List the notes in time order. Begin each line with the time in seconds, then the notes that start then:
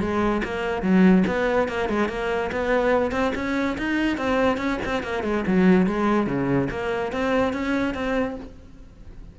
0.00 G#3
0.44 A#3
0.82 F#3
1.27 B3
1.68 A#3
1.89 G#3
2.09 A#3
2.52 B3
3.11 C4
3.35 C#4
3.78 D#4
4.17 C4
4.57 C#4
4.85 C4
5.03 A#3
5.23 G#3
5.47 F#3
5.86 G#3
6.27 C#3
6.70 A#3
7.12 C4
7.53 C#4
7.94 C4